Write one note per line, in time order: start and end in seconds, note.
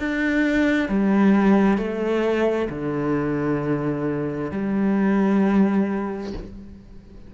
0.00 0.89 D4
0.89 1.78 G3
1.78 2.69 A3
2.70 4.52 D3
4.52 6.33 G3